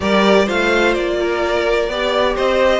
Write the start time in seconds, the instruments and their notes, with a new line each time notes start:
0.00 cello G3, viola G4, violin A#4 D5
0.45 cello A3, viola F4, violin C5 F5
0.94 cello A#3, violin D5
1.20 violin A#4
1.88 cello B3, viola G4, violin D5
2.35 cello C4, violin C5 D#5